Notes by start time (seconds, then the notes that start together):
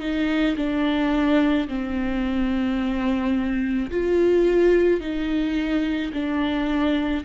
0.00 D#4
0.56 D4
1.68 C4
3.90 F4
5.01 D#4
6.13 D4